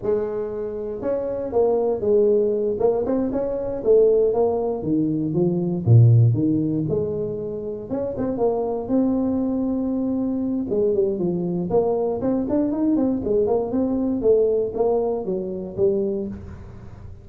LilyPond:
\new Staff \with { instrumentName = "tuba" } { \time 4/4 \tempo 4 = 118 gis2 cis'4 ais4 | gis4. ais8 c'8 cis'4 a8~ | a8 ais4 dis4 f4 ais,8~ | ais,8 dis4 gis2 cis'8 |
c'8 ais4 c'2~ c'8~ | c'4 gis8 g8 f4 ais4 | c'8 d'8 dis'8 c'8 gis8 ais8 c'4 | a4 ais4 fis4 g4 | }